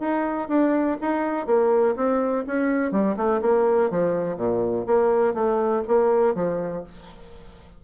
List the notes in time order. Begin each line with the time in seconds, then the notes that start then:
0.00 D#4
0.49 D4
1.02 D#4
1.47 A#3
1.96 C4
2.47 C#4
2.92 G3
3.17 A3
3.42 A#3
3.90 F3
4.37 A#2
4.87 A#3
5.34 A3
5.88 A#3
6.35 F3